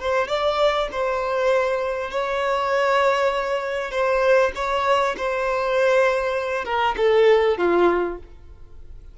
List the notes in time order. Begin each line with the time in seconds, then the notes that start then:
0.00 C5
0.28 D5
0.92 C5
2.11 C#5
3.92 C5
4.56 C#5
5.17 C5
6.65 A#4
6.97 A4
7.58 F4